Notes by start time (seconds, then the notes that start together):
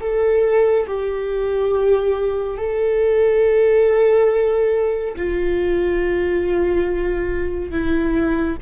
0.00 A4
0.86 G4
2.57 A4
5.16 F4
7.71 E4